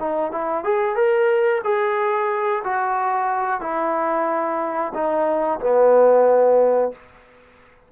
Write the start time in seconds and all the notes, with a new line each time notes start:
0.00 D#4
0.32 E4
0.64 G#4
0.96 A#4
1.64 G#4
2.64 F#4
3.61 E4
4.94 D#4
5.60 B3